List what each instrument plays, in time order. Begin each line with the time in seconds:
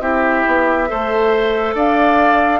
0.00 bassoon C4, clarinet E4, oboe G4, flute E5
0.47 bassoon B3
0.88 bassoon A3, clarinet A4, oboe C5
1.75 bassoon D4, oboe D5, flute F5